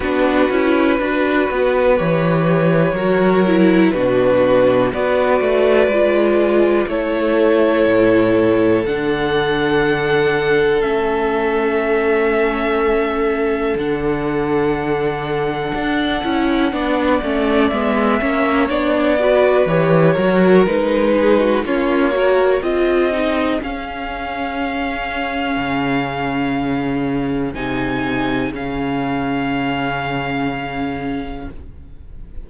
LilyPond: <<
  \new Staff \with { instrumentName = "violin" } { \time 4/4 \tempo 4 = 61 b'2 cis''2 | b'4 d''2 cis''4~ | cis''4 fis''2 e''4~ | e''2 fis''2~ |
fis''2 e''4 d''4 | cis''4 b'4 cis''4 dis''4 | f''1 | gis''4 f''2. | }
  \new Staff \with { instrumentName = "violin" } { \time 4/4 fis'4 b'2 ais'4 | fis'4 b'2 a'4~ | a'1~ | a'1~ |
a'4 d''4. cis''4 b'8~ | b'8 ais'4 gis'16 fis'16 f'8 ais'8 gis'4~ | gis'1~ | gis'1 | }
  \new Staff \with { instrumentName = "viola" } { \time 4/4 d'8 e'8 fis'4 g'4 fis'8 e'8 | d'4 fis'4 f'4 e'4~ | e'4 d'2 cis'4~ | cis'2 d'2~ |
d'8 e'8 d'8 cis'8 b8 cis'8 d'8 fis'8 | g'8 fis'8 dis'4 cis'8 fis'8 f'8 dis'8 | cis'1 | dis'4 cis'2. | }
  \new Staff \with { instrumentName = "cello" } { \time 4/4 b8 cis'8 d'8 b8 e4 fis4 | b,4 b8 a8 gis4 a4 | a,4 d2 a4~ | a2 d2 |
d'8 cis'8 b8 a8 gis8 ais8 b4 | e8 fis8 gis4 ais4 c'4 | cis'2 cis2 | c4 cis2. | }
>>